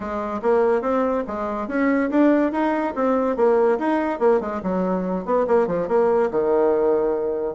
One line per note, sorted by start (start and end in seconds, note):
0.00 0.40 G#3
0.42 0.81 A#3
0.81 1.23 C4
1.27 1.68 G#3
1.68 2.10 C#4
2.10 2.52 D4
2.52 2.94 D#4
2.95 3.36 C4
3.36 3.78 A#3
3.78 4.19 D#4
4.19 4.40 A#3
4.40 4.61 G#3
4.62 5.25 F#3
5.25 5.46 B3
5.47 5.67 A#3
5.67 5.87 F3
5.87 6.29 A#3
6.30 7.55 D#3